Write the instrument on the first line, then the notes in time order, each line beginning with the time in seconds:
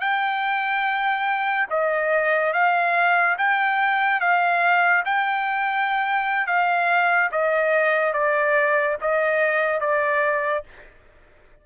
trumpet
0.00 G5
1.70 D#5
2.53 F5
3.37 G5
4.20 F5
5.05 G5
6.47 F5
7.31 D#5
8.13 D5
9.01 D#5
9.80 D5